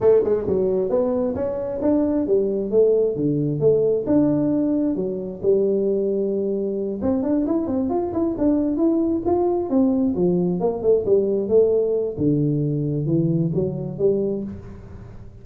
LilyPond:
\new Staff \with { instrumentName = "tuba" } { \time 4/4 \tempo 4 = 133 a8 gis8 fis4 b4 cis'4 | d'4 g4 a4 d4 | a4 d'2 fis4 | g2.~ g8 c'8 |
d'8 e'8 c'8 f'8 e'8 d'4 e'8~ | e'8 f'4 c'4 f4 ais8 | a8 g4 a4. d4~ | d4 e4 fis4 g4 | }